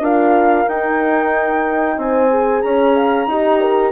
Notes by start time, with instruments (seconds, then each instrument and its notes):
0.00 bassoon D4, horn F4 A#4, flute F5
0.67 horn D#4, bassoon D#4, flute G5
1.98 bassoon C4, horn C5, flute G#5
2.30 horn G#4
2.62 bassoon C#4, horn C#5, flute A#5
2.96 horn F5
3.28 bassoon D#4, horn G4 D#5
3.61 horn A#4